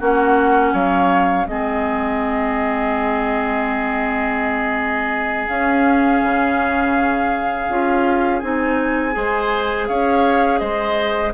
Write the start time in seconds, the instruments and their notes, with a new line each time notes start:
0.00 bassoon A#3, clarinet C#4, oboe F#4, flute F#5
0.73 bassoon F#3, oboe C#5, flute F5
1.46 bassoon G#3, clarinet C4, oboe G#4, flute D#5
5.48 clarinet C#4, bassoon C#4, flute F5
6.23 bassoon C#3
7.69 bassoon C#4, clarinet F4
8.40 bassoon C4, clarinet D#4, flute G#5
9.12 bassoon G#3, clarinet G#4, oboe C5
9.87 bassoon C#4, oboe C#5, flute F5
10.59 bassoon G#3, oboe C5, flute D#5